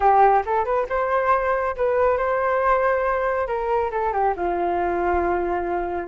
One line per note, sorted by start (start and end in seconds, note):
0.00 0.43 G4
0.45 0.64 A4
0.64 0.86 B4
0.89 1.76 C5
1.76 2.17 B4
2.17 3.47 C5
3.47 3.90 A#4
3.91 4.12 A4
4.12 4.34 G4
4.36 6.08 F4